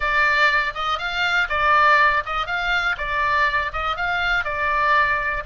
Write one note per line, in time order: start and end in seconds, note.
0.00 0.73 D5
0.74 0.98 D#5
0.98 1.47 F5
1.49 2.23 D5
2.25 2.46 D#5
2.46 2.95 F5
2.97 3.72 D5
3.72 3.96 D#5
3.96 4.44 F5
4.44 5.43 D5